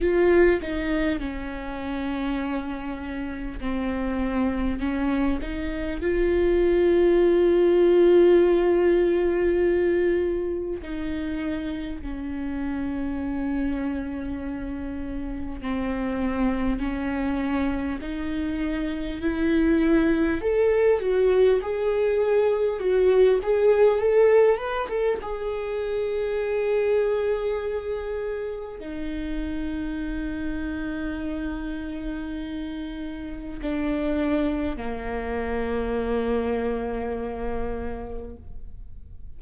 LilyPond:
\new Staff \with { instrumentName = "viola" } { \time 4/4 \tempo 4 = 50 f'8 dis'8 cis'2 c'4 | cis'8 dis'8 f'2.~ | f'4 dis'4 cis'2~ | cis'4 c'4 cis'4 dis'4 |
e'4 a'8 fis'8 gis'4 fis'8 gis'8 | a'8 b'16 a'16 gis'2. | dis'1 | d'4 ais2. | }